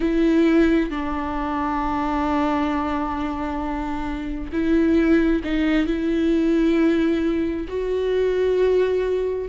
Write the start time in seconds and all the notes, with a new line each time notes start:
0.00 E4
0.90 D4
4.52 E4
5.44 D#4
5.86 E4
7.68 F#4